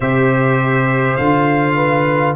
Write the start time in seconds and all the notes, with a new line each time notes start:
0.00 C3 G4 C5 E5
1.16 D3 F4 F5
1.75 B4